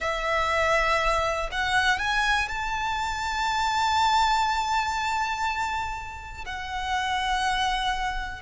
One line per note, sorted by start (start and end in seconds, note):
0.00 1.49 E5
1.51 1.98 F#5
1.98 2.48 G#5
2.48 6.45 A5
6.45 8.42 F#5